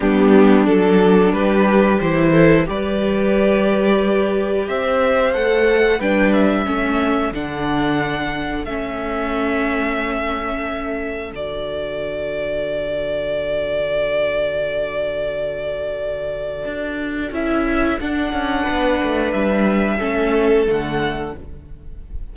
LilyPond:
<<
  \new Staff \with { instrumentName = "violin" } { \time 4/4 \tempo 4 = 90 g'4 a'4 b'4 c''4 | d''2. e''4 | fis''4 g''8 e''4. fis''4~ | fis''4 e''2.~ |
e''4 d''2.~ | d''1~ | d''2 e''4 fis''4~ | fis''4 e''2 fis''4 | }
  \new Staff \with { instrumentName = "violin" } { \time 4/4 d'2 g'4. a'8 | b'2. c''4~ | c''4 b'4 a'2~ | a'1~ |
a'1~ | a'1~ | a'1 | b'2 a'2 | }
  \new Staff \with { instrumentName = "viola" } { \time 4/4 b4 d'2 e'4 | g'1 | a'4 d'4 cis'4 d'4~ | d'4 cis'2.~ |
cis'4 fis'2.~ | fis'1~ | fis'2 e'4 d'4~ | d'2 cis'4 a4 | }
  \new Staff \with { instrumentName = "cello" } { \time 4/4 g4 fis4 g4 e4 | g2. c'4 | a4 g4 a4 d4~ | d4 a2.~ |
a4 d2.~ | d1~ | d4 d'4 cis'4 d'8 cis'8 | b8 a8 g4 a4 d4 | }
>>